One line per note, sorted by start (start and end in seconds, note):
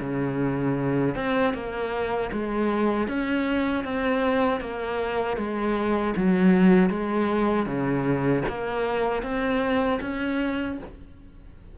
0.00 1.15 C#3
1.15 1.53 C4
1.53 2.30 A#3
2.32 3.07 G#3
3.07 3.84 C#4
3.84 4.60 C4
4.60 5.37 A#3
5.37 6.14 G#3
6.16 6.90 F#3
6.90 7.66 G#3
7.66 8.43 C#3
8.48 9.22 A#3
9.22 9.99 C4
10.01 10.78 C#4